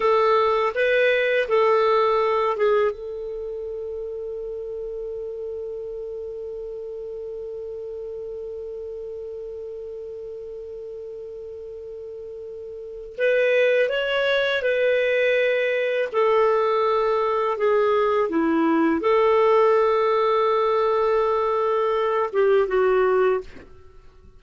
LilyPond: \new Staff \with { instrumentName = "clarinet" } { \time 4/4 \tempo 4 = 82 a'4 b'4 a'4. gis'8 | a'1~ | a'1~ | a'1~ |
a'2 b'4 cis''4 | b'2 a'2 | gis'4 e'4 a'2~ | a'2~ a'8 g'8 fis'4 | }